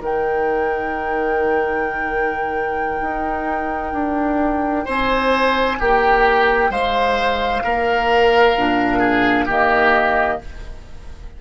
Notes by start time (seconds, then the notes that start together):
0.00 D#3 D#4 A#4 G5
3.01 D#4
3.92 D4
4.84 C4 C5 G#5
5.79 A#3 G4 G5
6.69 G#3 C5 F5
7.63 A#3 A#4
8.56 A#2 D4
8.98 G#4
9.45 D#3 A#3 G4 D#5